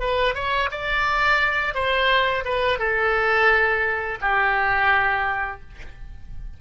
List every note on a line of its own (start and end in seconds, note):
0.00 0.35 B4
0.35 0.70 C#5
0.71 1.74 D5
1.74 2.44 C5
2.45 2.79 B4
2.79 4.19 A4
4.21 5.61 G4